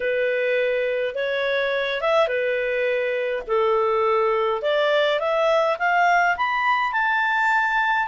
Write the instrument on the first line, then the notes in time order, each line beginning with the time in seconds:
clarinet
0.00 B4
1.15 C#5
2.01 E5
2.27 B4
3.47 A4
4.62 D5
5.19 E5
5.78 F5
6.37 B5
6.92 A5